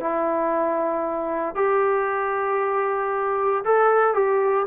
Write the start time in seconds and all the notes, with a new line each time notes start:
0.00 E4
1.56 G4
3.65 A4
4.14 G4